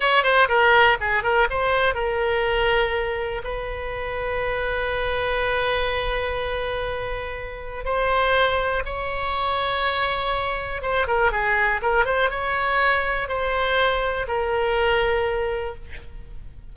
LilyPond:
\new Staff \with { instrumentName = "oboe" } { \time 4/4 \tempo 4 = 122 cis''8 c''8 ais'4 gis'8 ais'8 c''4 | ais'2. b'4~ | b'1~ | b'1 |
c''2 cis''2~ | cis''2 c''8 ais'8 gis'4 | ais'8 c''8 cis''2 c''4~ | c''4 ais'2. | }